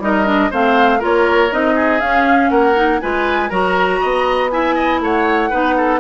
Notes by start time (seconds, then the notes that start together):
0.00 G3 D#4 A#4 D#5
0.26 D4
0.51 A3 C4 C5 F5
0.99 A#3 F4 A#4 C#5
1.51 C4 D#4 D#5
1.75 G#4
2.00 C#4 F5
2.50 A#3 A#4 F#5
2.75 D#4
3.01 G#3 F4 B4 G#5
3.50 F#3 F#4 A#4 A#5
4.01 B3 D#5
4.51 E4 E5 G#5
4.75 D#5
5.00 A3 C#5 F#5
5.50 B3 D#4 B4
5.77 A4